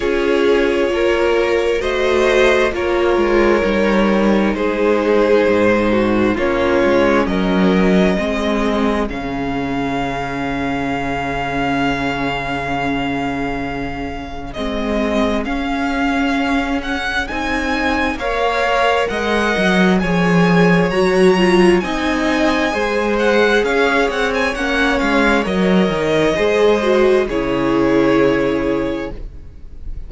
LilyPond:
<<
  \new Staff \with { instrumentName = "violin" } { \time 4/4 \tempo 4 = 66 cis''2 dis''4 cis''4~ | cis''4 c''2 cis''4 | dis''2 f''2~ | f''1 |
dis''4 f''4. fis''8 gis''4 | f''4 fis''4 gis''4 ais''4 | gis''4. fis''8 f''8 fis''16 gis''16 fis''8 f''8 | dis''2 cis''2 | }
  \new Staff \with { instrumentName = "violin" } { \time 4/4 gis'4 ais'4 c''4 ais'4~ | ais'4 gis'4. fis'8 f'4 | ais'4 gis'2.~ | gis'1~ |
gis'1 | cis''4 dis''4 cis''2 | dis''4 c''4 cis''2~ | cis''4 c''4 gis'2 | }
  \new Staff \with { instrumentName = "viola" } { \time 4/4 f'2 fis'4 f'4 | dis'2. cis'4~ | cis'4 c'4 cis'2~ | cis'1 |
c'4 cis'2 dis'4 | ais'2 gis'4 fis'8 f'8 | dis'4 gis'2 cis'4 | ais'4 gis'8 fis'8 e'2 | }
  \new Staff \with { instrumentName = "cello" } { \time 4/4 cis'4 ais4 a4 ais8 gis8 | g4 gis4 gis,4 ais8 gis8 | fis4 gis4 cis2~ | cis1 |
gis4 cis'2 c'4 | ais4 gis8 fis8 f4 fis4 | c'4 gis4 cis'8 c'8 ais8 gis8 | fis8 dis8 gis4 cis2 | }
>>